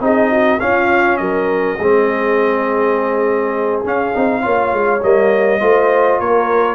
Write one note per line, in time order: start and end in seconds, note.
0.00 0.59 C4
0.00 0.59 D#4
0.00 0.31 G#4
0.00 0.60 D#5
0.31 0.60 F#4
0.60 1.78 C#4
0.60 1.19 C#4
0.60 1.20 F4
0.60 1.17 F5
1.17 1.78 F#3
1.17 1.78 A#4
1.17 3.81 D#5
1.78 3.84 G#3
1.78 3.84 C4
1.78 4.42 G#4
3.84 4.13 C#4
3.84 5.03 F5
4.13 4.45 C4
4.13 4.41 D#4
4.41 4.73 A#3
4.41 5.00 F4
4.41 5.60 C#5
4.73 5.02 G#3
5.02 5.61 G3
5.02 5.60 A#3
5.02 6.19 D#5
5.60 6.20 A3
5.60 6.75 F4
5.60 6.19 C5
6.19 6.75 A#3
6.19 6.75 A#4
6.19 6.75 C#5